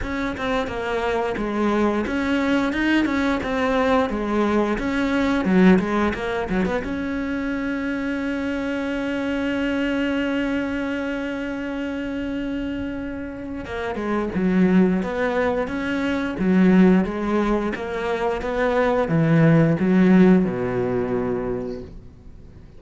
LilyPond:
\new Staff \with { instrumentName = "cello" } { \time 4/4 \tempo 4 = 88 cis'8 c'8 ais4 gis4 cis'4 | dis'8 cis'8 c'4 gis4 cis'4 | fis8 gis8 ais8 fis16 b16 cis'2~ | cis'1~ |
cis'1 | ais8 gis8 fis4 b4 cis'4 | fis4 gis4 ais4 b4 | e4 fis4 b,2 | }